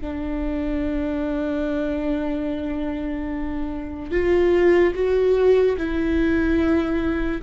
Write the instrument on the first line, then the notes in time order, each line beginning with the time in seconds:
viola
0.00 D4
4.11 F4
4.94 F#4
5.77 E4